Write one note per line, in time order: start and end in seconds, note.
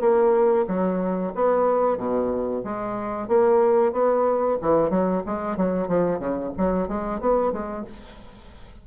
0.00 0.65 A#3
0.67 1.32 F#3
1.34 1.97 B3
1.97 2.62 B2
2.64 3.28 G#3
3.28 3.92 A#3
3.92 4.57 B3
4.61 4.90 E3
4.90 5.22 F#3
5.26 5.57 G#3
5.57 5.88 F#3
5.88 6.19 F3
6.19 6.52 C#3
6.57 6.88 F#3
6.88 7.20 G#3
7.20 7.52 B3
7.52 7.85 G#3